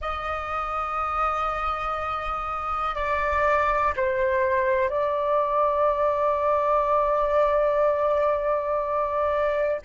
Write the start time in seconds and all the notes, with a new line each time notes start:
0.00 D#5
2.95 D5
3.96 C5
4.89 D5